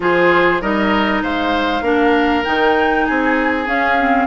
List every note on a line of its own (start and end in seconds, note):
0.00 0.61 F3
0.00 0.61 F4
0.00 0.61 G#4
0.00 0.61 C5
0.61 1.22 G3
0.61 1.83 D#4
0.61 1.22 A#4
0.61 1.22 D#5
1.22 1.81 G#3
1.22 1.83 C5
1.22 2.44 F5
1.81 2.42 A#3
1.81 2.44 D4
1.81 3.05 A#4
2.44 3.08 D#3
2.44 3.66 D#4
2.44 3.05 G5
3.05 3.67 C4
3.05 4.26 G#4
3.05 3.66 G#5
3.66 3.97 C#4
3.66 4.26 C#4
3.66 4.26 F5
3.99 4.26 C4